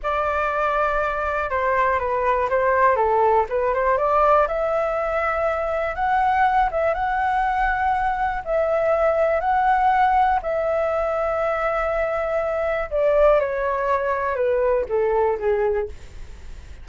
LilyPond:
\new Staff \with { instrumentName = "flute" } { \time 4/4 \tempo 4 = 121 d''2. c''4 | b'4 c''4 a'4 b'8 c''8 | d''4 e''2. | fis''4. e''8 fis''2~ |
fis''4 e''2 fis''4~ | fis''4 e''2.~ | e''2 d''4 cis''4~ | cis''4 b'4 a'4 gis'4 | }